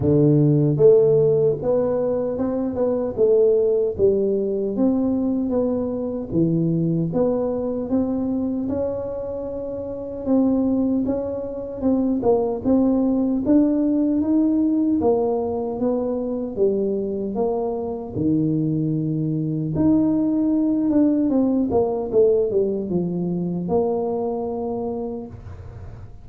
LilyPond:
\new Staff \with { instrumentName = "tuba" } { \time 4/4 \tempo 4 = 76 d4 a4 b4 c'8 b8 | a4 g4 c'4 b4 | e4 b4 c'4 cis'4~ | cis'4 c'4 cis'4 c'8 ais8 |
c'4 d'4 dis'4 ais4 | b4 g4 ais4 dis4~ | dis4 dis'4. d'8 c'8 ais8 | a8 g8 f4 ais2 | }